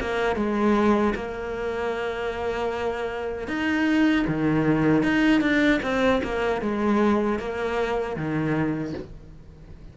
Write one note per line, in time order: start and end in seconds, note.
0.00 0.35 A#3
0.35 1.13 G#3
1.15 3.47 A#3
3.47 4.25 D#4
4.27 5.03 D#3
5.03 5.41 D#4
5.41 5.80 D4
5.82 6.21 C4
6.23 6.61 A#3
6.61 7.39 G#3
7.39 8.16 A#3
8.16 8.94 D#3